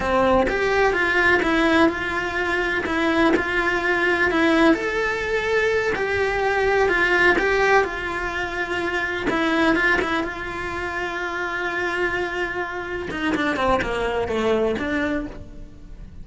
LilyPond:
\new Staff \with { instrumentName = "cello" } { \time 4/4 \tempo 4 = 126 c'4 g'4 f'4 e'4 | f'2 e'4 f'4~ | f'4 e'4 a'2~ | a'8 g'2 f'4 g'8~ |
g'8 f'2. e'8~ | e'8 f'8 e'8 f'2~ f'8~ | f'2.~ f'8 dis'8 | d'8 c'8 ais4 a4 d'4 | }